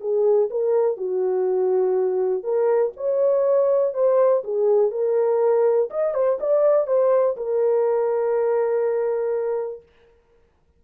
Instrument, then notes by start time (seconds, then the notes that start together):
horn
0.00 G#4
0.50 A#4
0.97 F#4
2.43 A#4
2.96 C#5
3.94 C5
4.44 G#4
4.91 A#4
5.90 D#5
6.14 C5
6.40 D5
6.87 C5
7.37 A#4